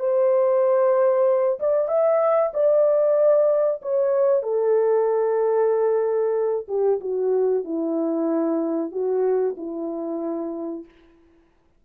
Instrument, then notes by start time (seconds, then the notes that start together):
horn
0.00 C5
1.60 D5
1.88 E5
2.54 D5
3.82 C#5
4.43 A4
6.68 G4
7.01 F#4
7.65 E4
8.92 F#4
9.58 E4